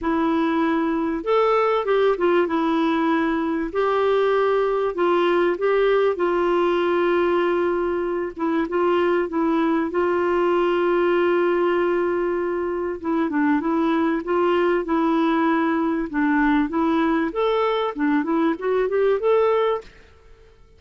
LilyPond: \new Staff \with { instrumentName = "clarinet" } { \time 4/4 \tempo 4 = 97 e'2 a'4 g'8 f'8 | e'2 g'2 | f'4 g'4 f'2~ | f'4. e'8 f'4 e'4 |
f'1~ | f'4 e'8 d'8 e'4 f'4 | e'2 d'4 e'4 | a'4 d'8 e'8 fis'8 g'8 a'4 | }